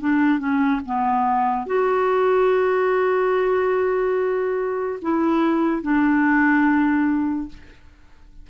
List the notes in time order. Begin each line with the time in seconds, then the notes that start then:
0.00 D4
0.39 C#4
0.85 B3
1.66 F#4
5.02 E4
5.82 D4